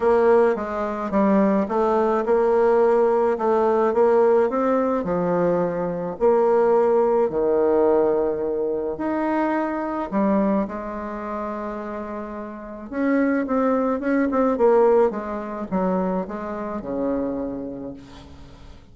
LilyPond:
\new Staff \with { instrumentName = "bassoon" } { \time 4/4 \tempo 4 = 107 ais4 gis4 g4 a4 | ais2 a4 ais4 | c'4 f2 ais4~ | ais4 dis2. |
dis'2 g4 gis4~ | gis2. cis'4 | c'4 cis'8 c'8 ais4 gis4 | fis4 gis4 cis2 | }